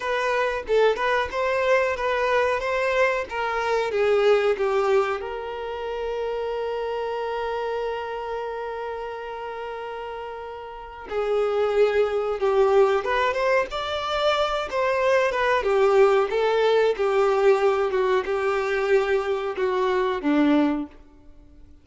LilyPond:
\new Staff \with { instrumentName = "violin" } { \time 4/4 \tempo 4 = 92 b'4 a'8 b'8 c''4 b'4 | c''4 ais'4 gis'4 g'4 | ais'1~ | ais'1~ |
ais'4 gis'2 g'4 | b'8 c''8 d''4. c''4 b'8 | g'4 a'4 g'4. fis'8 | g'2 fis'4 d'4 | }